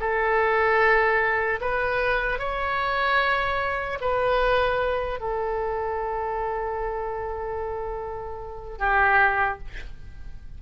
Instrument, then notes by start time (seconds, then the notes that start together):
oboe
0.00 A4
1.61 B4
2.39 C#5
4.01 B4
5.20 A4
8.78 G4